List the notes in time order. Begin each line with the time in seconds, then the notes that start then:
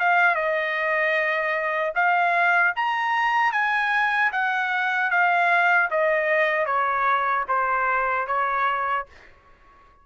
0.00 F5
0.36 D#5
1.96 F5
2.76 A#5
3.53 G#5
4.32 F#5
5.11 F5
5.91 D#5
6.66 C#5
7.49 C5
8.28 C#5